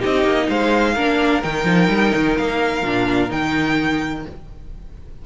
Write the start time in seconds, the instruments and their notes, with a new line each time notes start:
0.00 cello C4, viola D#4, violin G4 D#5
0.24 cello A#3
0.48 cello G#3, violin C5 F5
0.94 cello A#3, viola D4, violin A#4
1.42 cello D#3, viola D#4, violin G5
1.65 cello F3
1.88 cello G3
2.15 cello D#3
2.37 cello A#3, violin F5
2.82 cello A#2, viola D4
3.29 cello D#3, viola D#4, violin G5